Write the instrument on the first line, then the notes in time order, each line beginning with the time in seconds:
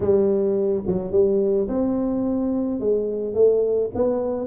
tuba
0.00 G3
0.87 F#3
1.11 G3
1.68 C4
2.80 G#3
3.34 A3
3.94 B3